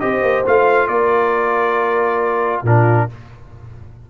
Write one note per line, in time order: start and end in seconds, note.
0.00 0.23 C4
0.00 0.45 G4
0.00 0.88 C5
0.00 0.44 D#5
0.23 0.45 A#3
0.46 0.88 A3
0.46 2.65 F4
0.46 0.88 F5
0.88 2.63 A#3
0.88 2.63 A#4
0.88 2.63 D5
2.63 3.07 A#2
2.63 3.10 D4
2.63 3.08 F4
2.63 3.10 A#4